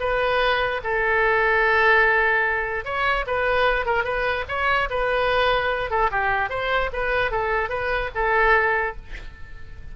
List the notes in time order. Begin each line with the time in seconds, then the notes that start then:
0.00 B4
0.83 A4
2.85 C#5
3.27 B4
3.86 A#4
4.04 B4
4.48 C#5
4.90 B4
5.90 A4
6.11 G4
6.50 C5
6.93 B4
7.31 A4
7.69 B4
8.15 A4